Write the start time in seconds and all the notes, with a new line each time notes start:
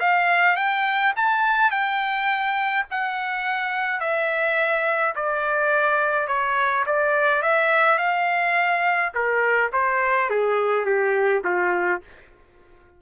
0.00 F5
0.57 G5
1.16 A5
1.71 G5
2.91 F#5
4.00 E5
5.16 D5
6.28 C#5
6.86 D5
7.43 E5
7.99 F5
9.14 A#4
9.73 C5
10.30 G#4
10.86 G4
11.44 F4